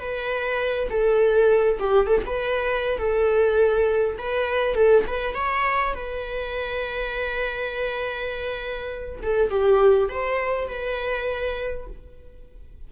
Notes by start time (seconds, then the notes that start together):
0.00 B4
0.90 A4
1.80 G4
2.07 A4
2.27 B4
2.99 A4
4.19 B4
4.75 A4
5.07 B4
5.35 C#5
5.95 B4
9.23 A4
9.50 G4
10.10 C5
10.69 B4